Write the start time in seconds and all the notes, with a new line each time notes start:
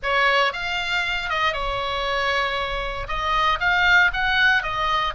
0.03 C#5
0.53 F5
1.29 D#5
1.53 C#5
3.08 D#5
3.59 F5
4.13 F#5
4.62 D#5